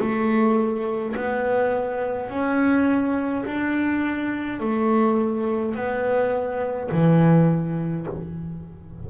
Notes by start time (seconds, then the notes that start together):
0.00 A3
1.16 B3
2.30 C#4
3.46 D4
4.60 A3
5.75 B3
6.92 E3